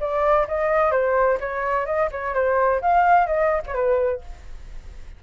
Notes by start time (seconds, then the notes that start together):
0.00 D5
0.48 D#5
0.91 C5
1.40 C#5
1.86 D#5
2.11 C#5
2.34 C5
2.81 F5
3.26 D#5
3.66 C#5
3.74 B4